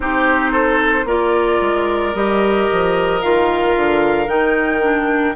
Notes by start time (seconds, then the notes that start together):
0.00 C4 D#4 G4 C5
0.51 A4
1.04 A#3 F4 A#4 D5
1.60 G#3
2.14 G3 G4 D#5
2.71 F3
3.22 D#3 F4 F5
3.75 D3
4.27 D#3 D#4 G5
4.81 D4